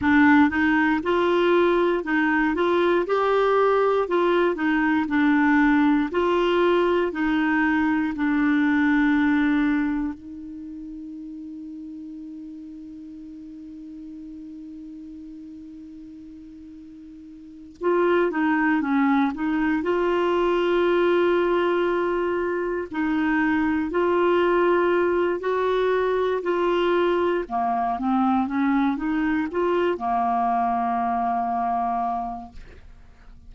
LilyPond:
\new Staff \with { instrumentName = "clarinet" } { \time 4/4 \tempo 4 = 59 d'8 dis'8 f'4 dis'8 f'8 g'4 | f'8 dis'8 d'4 f'4 dis'4 | d'2 dis'2~ | dis'1~ |
dis'4. f'8 dis'8 cis'8 dis'8 f'8~ | f'2~ f'8 dis'4 f'8~ | f'4 fis'4 f'4 ais8 c'8 | cis'8 dis'8 f'8 ais2~ ais8 | }